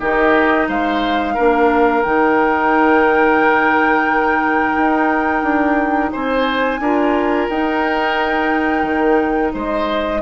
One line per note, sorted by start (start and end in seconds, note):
0.00 0.69 D#3
0.00 1.37 D#4
0.00 0.68 G4
0.00 0.69 D#5
0.69 1.37 G#3
0.69 1.35 C5
0.69 2.03 F5
1.35 2.05 A#3
1.35 2.04 D4
1.35 6.12 A#4
2.03 4.77 D#3
2.03 6.81 D#4
2.03 6.12 G5
4.77 5.43 D#4
5.43 6.11 D4
6.12 6.80 C4
6.12 6.81 C5
6.12 7.49 G#5
6.80 7.48 D4
6.80 7.52 F4
6.80 9.54 A#4
7.50 8.83 D#4
7.50 10.22 D#4
7.50 9.54 G5
8.83 9.52 D#3
9.54 10.22 G#3
9.54 10.22 C5
9.54 10.22 D#5